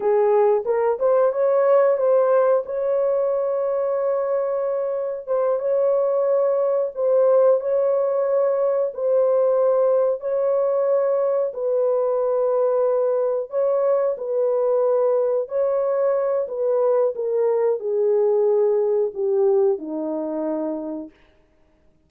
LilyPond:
\new Staff \with { instrumentName = "horn" } { \time 4/4 \tempo 4 = 91 gis'4 ais'8 c''8 cis''4 c''4 | cis''1 | c''8 cis''2 c''4 cis''8~ | cis''4. c''2 cis''8~ |
cis''4. b'2~ b'8~ | b'8 cis''4 b'2 cis''8~ | cis''4 b'4 ais'4 gis'4~ | gis'4 g'4 dis'2 | }